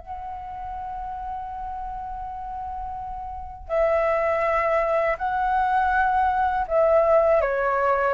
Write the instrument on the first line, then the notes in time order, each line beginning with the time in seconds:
flute
0.00 F#5
3.69 E5
5.19 F#5
6.68 E5
7.42 C#5